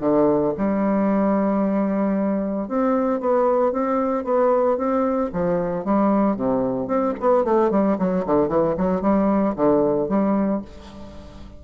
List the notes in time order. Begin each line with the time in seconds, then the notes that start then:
0.00 D3
0.57 G3
2.68 C4
3.20 B3
3.72 C4
4.24 B3
4.77 C4
5.33 F3
5.85 G3
6.36 C3
6.87 C4
7.20 B3
7.44 A3
7.71 G3
7.98 F#3
8.26 D3
8.48 E3
8.77 F#3
9.01 G3
9.56 D3
10.09 G3